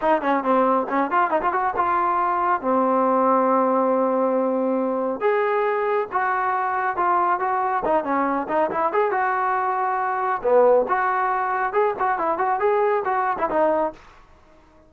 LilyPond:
\new Staff \with { instrumentName = "trombone" } { \time 4/4 \tempo 4 = 138 dis'8 cis'8 c'4 cis'8 f'8 dis'16 f'16 fis'8 | f'2 c'2~ | c'1 | gis'2 fis'2 |
f'4 fis'4 dis'8 cis'4 dis'8 | e'8 gis'8 fis'2. | b4 fis'2 gis'8 fis'8 | e'8 fis'8 gis'4 fis'8. e'16 dis'4 | }